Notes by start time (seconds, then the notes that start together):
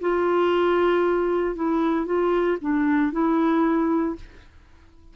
0.00 F4
1.55 E4
2.05 F4
2.61 D4
3.12 E4